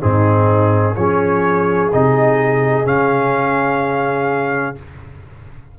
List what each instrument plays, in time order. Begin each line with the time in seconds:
0.00 tuba G#2, trombone C4, horn D#4, trumpet G#4
0.95 tuba F3, trombone C#4, horn G#4, trumpet C#5
1.92 tuba C3, trombone D#4, trumpet D#5
2.85 tuba C#3, trombone C#4, trumpet F5